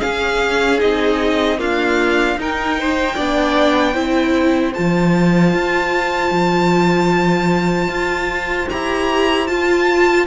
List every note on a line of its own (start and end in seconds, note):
0.00 0.79 C#4
0.00 0.82 C#4
0.00 1.58 G#4
0.00 0.80 F5
0.79 1.61 C4
0.79 1.58 D#4
0.79 1.60 D#5
1.58 2.37 A#3
1.58 2.37 D4
1.58 2.38 F4
1.58 2.40 F5
2.37 3.15 D#4
2.37 3.18 D#4
2.37 2.80 A#4
2.37 4.74 G5
2.80 3.15 C5
3.15 3.96 B3
3.15 3.94 D4
3.15 3.93 D5
3.93 4.75 C4
3.93 4.73 E4
3.93 10.25 C5
4.74 5.54 F3
4.74 8.69 F4
4.74 8.69 A5
5.54 6.31 F4
6.31 7.89 F3
7.89 8.68 F4
8.70 9.49 E4
8.70 9.48 G4
8.70 9.48 A#5
9.48 10.27 F4
9.48 10.26 A5